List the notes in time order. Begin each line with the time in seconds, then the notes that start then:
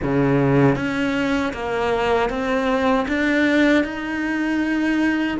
0.02 C#3
0.75 C#4
1.53 A#3
2.29 C4
3.08 D4
3.84 D#4